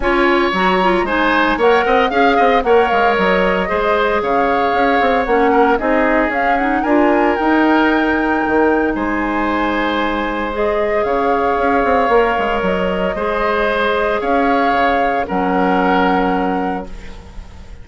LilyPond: <<
  \new Staff \with { instrumentName = "flute" } { \time 4/4 \tempo 4 = 114 gis''4 ais''4 gis''4 fis''4 | f''4 fis''8 f''8 dis''2 | f''2 fis''4 dis''4 | f''8 fis''8 gis''4 g''2~ |
g''4 gis''2. | dis''4 f''2. | dis''2. f''4~ | f''4 fis''2. | }
  \new Staff \with { instrumentName = "oboe" } { \time 4/4 cis''2 c''4 cis''8 dis''8 | f''8 dis''8 cis''2 c''4 | cis''2~ cis''8 ais'8 gis'4~ | gis'4 ais'2.~ |
ais'4 c''2.~ | c''4 cis''2.~ | cis''4 c''2 cis''4~ | cis''4 ais'2. | }
  \new Staff \with { instrumentName = "clarinet" } { \time 4/4 f'4 fis'8 f'8 dis'4 ais'4 | gis'4 ais'2 gis'4~ | gis'2 cis'4 dis'4 | cis'8 dis'8 f'4 dis'2~ |
dis'1 | gis'2. ais'4~ | ais'4 gis'2.~ | gis'4 cis'2. | }
  \new Staff \with { instrumentName = "bassoon" } { \time 4/4 cis'4 fis4 gis4 ais8 c'8 | cis'8 c'8 ais8 gis8 fis4 gis4 | cis4 cis'8 c'8 ais4 c'4 | cis'4 d'4 dis'2 |
dis4 gis2.~ | gis4 cis4 cis'8 c'8 ais8 gis8 | fis4 gis2 cis'4 | cis4 fis2. | }
>>